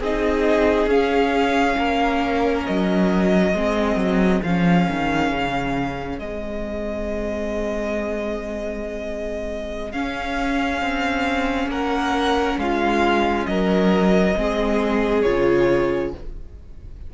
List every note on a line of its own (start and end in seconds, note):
0.00 0.87 C4
0.00 0.89 D#4
0.00 1.76 G#4
0.00 0.90 D#5
0.87 1.75 C#4
0.87 3.54 C#4
0.87 2.66 F5
1.78 2.66 A#3
1.78 3.54 A#4
2.66 3.54 F#3
2.66 4.42 D#5
3.54 3.96 G#3
3.54 4.43 C4
3.54 11.70 G#4
3.96 4.40 F#3
4.42 4.87 F3
4.42 6.22 C#4
4.42 6.19 F5
4.90 5.31 D#3
5.31 6.19 C#3
6.19 9.94 G#3
6.19 9.93 C4
6.19 9.92 D#5
9.92 14.34 C#4
9.92 10.82 C#4
9.92 11.69 F5
10.82 11.67 C4
11.67 12.56 A#3
11.67 12.59 A#4
11.67 12.59 F#5
12.58 13.46 G#3
12.58 13.49 F4
12.58 13.46 F5
13.46 14.35 F#3
13.46 14.37 A#4
13.46 15.22 D#5
14.36 15.25 G#3
14.36 15.24 C4
14.36 16.13 G#4
15.22 16.14 C#3
15.22 16.13 F4
15.22 16.10 C#5